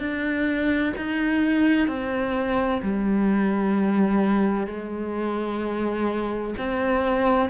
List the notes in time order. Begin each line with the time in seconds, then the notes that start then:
0.00 D4
0.97 D#4
1.88 C4
2.82 G3
4.67 G#3
6.58 C4